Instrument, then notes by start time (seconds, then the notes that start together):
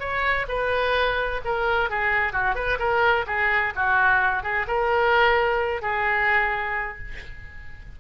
oboe
0.00 C#5
0.48 B4
1.45 A#4
1.90 G#4
2.33 F#4
2.55 B4
2.79 A#4
3.27 G#4
3.75 F#4
4.43 G#4
4.68 A#4
5.82 G#4